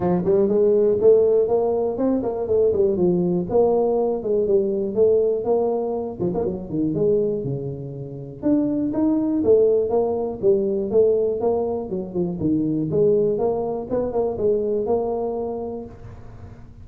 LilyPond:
\new Staff \with { instrumentName = "tuba" } { \time 4/4 \tempo 4 = 121 f8 g8 gis4 a4 ais4 | c'8 ais8 a8 g8 f4 ais4~ | ais8 gis8 g4 a4 ais4~ | ais8 f16 ais16 fis8 dis8 gis4 cis4~ |
cis4 d'4 dis'4 a4 | ais4 g4 a4 ais4 | fis8 f8 dis4 gis4 ais4 | b8 ais8 gis4 ais2 | }